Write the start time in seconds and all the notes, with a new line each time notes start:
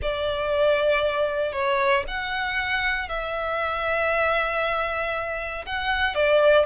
0.02 D5
1.52 C#5
2.07 F#5
3.08 E5
5.65 F#5
6.14 D5